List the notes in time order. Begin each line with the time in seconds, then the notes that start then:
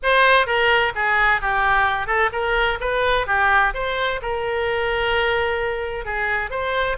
0.02 C5
0.46 A#4
0.95 G#4
1.41 G4
2.06 A4
2.32 A#4
2.80 B4
3.27 G4
3.74 C5
4.22 A#4
6.05 G#4
6.50 C5